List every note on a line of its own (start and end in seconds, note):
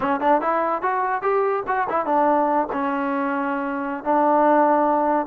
0.00 0.20 C#4
0.20 0.41 D4
0.41 0.82 E4
0.82 1.22 F#4
1.22 1.63 G4
1.67 1.87 F#4
1.89 2.05 E4
2.05 2.67 D4
2.72 4.04 C#4
4.04 5.26 D4